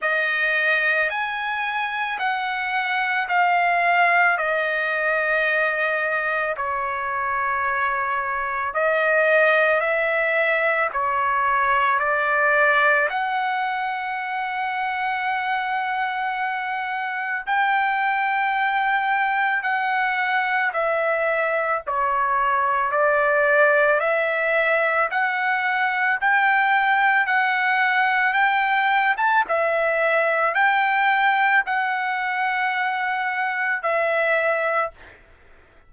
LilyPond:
\new Staff \with { instrumentName = "trumpet" } { \time 4/4 \tempo 4 = 55 dis''4 gis''4 fis''4 f''4 | dis''2 cis''2 | dis''4 e''4 cis''4 d''4 | fis''1 |
g''2 fis''4 e''4 | cis''4 d''4 e''4 fis''4 | g''4 fis''4 g''8. a''16 e''4 | g''4 fis''2 e''4 | }